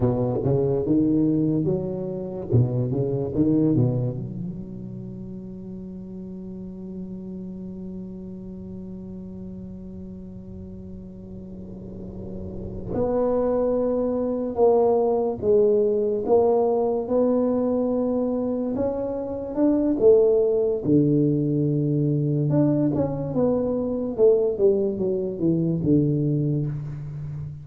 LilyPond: \new Staff \with { instrumentName = "tuba" } { \time 4/4 \tempo 4 = 72 b,8 cis8 dis4 fis4 b,8 cis8 | dis8 b,8 fis2.~ | fis1~ | fis2.~ fis8 b8~ |
b4. ais4 gis4 ais8~ | ais8 b2 cis'4 d'8 | a4 d2 d'8 cis'8 | b4 a8 g8 fis8 e8 d4 | }